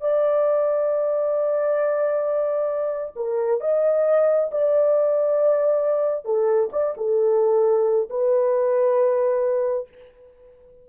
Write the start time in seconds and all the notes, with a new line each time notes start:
0.00 D5
3.15 A#4
3.60 D#5
4.51 D5
6.24 A4
6.72 D5
6.96 A4
8.09 B4